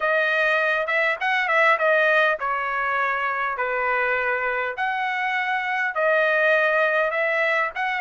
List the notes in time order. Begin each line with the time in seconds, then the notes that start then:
0.00 D#5
0.86 E5
1.20 F#5
1.47 E5
1.78 D#5
2.39 C#5
3.57 B4
4.77 F#5
5.94 D#5
7.10 E5
7.75 F#5